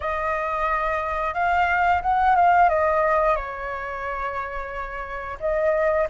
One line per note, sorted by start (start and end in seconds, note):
0.00 1.33 D#5
1.34 2.01 F5
2.02 2.35 F#5
2.35 2.69 F5
2.69 3.36 D#5
3.36 5.38 C#5
5.40 6.07 D#5